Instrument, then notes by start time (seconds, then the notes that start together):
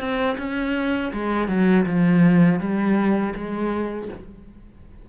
cello
0.00 C4
0.38 C#4
1.13 G#3
1.48 F#3
1.86 F3
2.60 G3
3.35 G#3